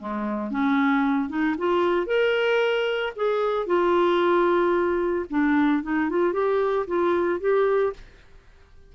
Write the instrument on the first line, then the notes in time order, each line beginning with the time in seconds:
clarinet
0.00 G#3
0.51 C#4
1.30 D#4
1.59 F4
2.07 A#4
3.17 G#4
3.67 F4
5.30 D4
5.83 D#4
6.10 F4
6.33 G4
6.88 F4
7.41 G4